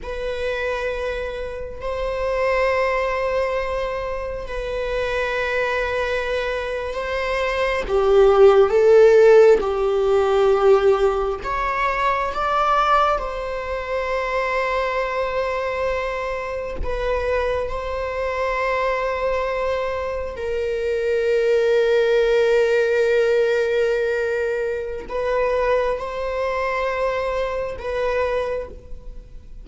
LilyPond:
\new Staff \with { instrumentName = "viola" } { \time 4/4 \tempo 4 = 67 b'2 c''2~ | c''4 b'2~ b'8. c''16~ | c''8. g'4 a'4 g'4~ g'16~ | g'8. cis''4 d''4 c''4~ c''16~ |
c''2~ c''8. b'4 c''16~ | c''2~ c''8. ais'4~ ais'16~ | ais'1 | b'4 c''2 b'4 | }